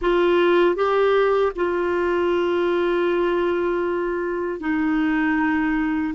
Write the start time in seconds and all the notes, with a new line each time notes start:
0.01 F4
0.75 G4
1.55 F4
4.60 D#4